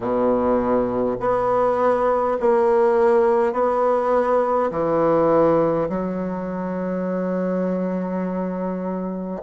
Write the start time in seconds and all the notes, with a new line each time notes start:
0.00 B2
1.20 B3
2.40 A#3
3.52 B3
4.71 E3
5.89 F#3